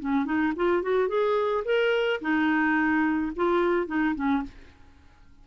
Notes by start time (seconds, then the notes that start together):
0.00 C#4
0.25 D#4
0.56 F4
0.82 F#4
1.08 G#4
1.65 A#4
2.21 D#4
3.36 F4
3.87 D#4
4.15 C#4